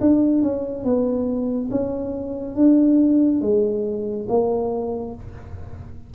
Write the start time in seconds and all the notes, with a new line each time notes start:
0.00 D4
0.42 C#4
0.84 B3
1.71 C#4
2.55 D4
3.41 G#3
4.29 A#3